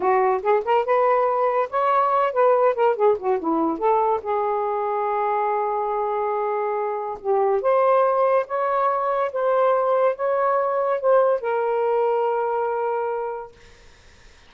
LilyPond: \new Staff \with { instrumentName = "saxophone" } { \time 4/4 \tempo 4 = 142 fis'4 gis'8 ais'8 b'2 | cis''4. b'4 ais'8 gis'8 fis'8 | e'4 a'4 gis'2~ | gis'1~ |
gis'4 g'4 c''2 | cis''2 c''2 | cis''2 c''4 ais'4~ | ais'1 | }